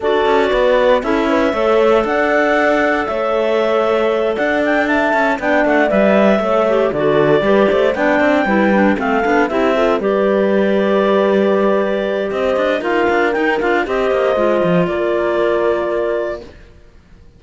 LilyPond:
<<
  \new Staff \with { instrumentName = "clarinet" } { \time 4/4 \tempo 4 = 117 d''2 e''2 | fis''2 e''2~ | e''8 fis''8 g''8 a''4 g''8 fis''8 e''8~ | e''4. d''2 g''8~ |
g''4. f''4 e''4 d''8~ | d''1 | dis''4 f''4 g''8 f''8 dis''4~ | dis''4 d''2. | }
  \new Staff \with { instrumentName = "horn" } { \time 4/4 a'4 b'4 a'8 b'8 cis''4 | d''2 cis''2~ | cis''8 d''4 e''4 d''4.~ | d''8 cis''4 a'4 b'8 c''8 d''8~ |
d''8 b'4 a'4 g'8 a'8 b'8~ | b'1 | c''4 ais'2 c''4~ | c''4 ais'2. | }
  \new Staff \with { instrumentName = "clarinet" } { \time 4/4 fis'2 e'4 a'4~ | a'1~ | a'2~ a'8 d'4 b'8~ | b'8 a'8 g'8 fis'4 g'4 d'8~ |
d'8 e'8 d'8 c'8 d'8 e'8 f'8 g'8~ | g'1~ | g'4 f'4 dis'8 f'8 g'4 | f'1 | }
  \new Staff \with { instrumentName = "cello" } { \time 4/4 d'8 cis'8 b4 cis'4 a4 | d'2 a2~ | a8 d'4. cis'8 b8 a8 g8~ | g8 a4 d4 g8 a8 b8 |
c'8 g4 a8 b8 c'4 g8~ | g1 | c'8 d'8 dis'8 d'8 dis'8 d'8 c'8 ais8 | gis8 f8 ais2. | }
>>